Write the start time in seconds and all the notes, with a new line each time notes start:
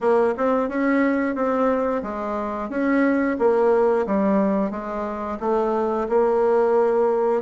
0.00 A#3
0.37 C4
0.68 C#4
1.35 C4
2.03 G#3
2.69 C#4
3.38 A#3
4.06 G3
4.70 G#3
5.40 A3
6.08 A#3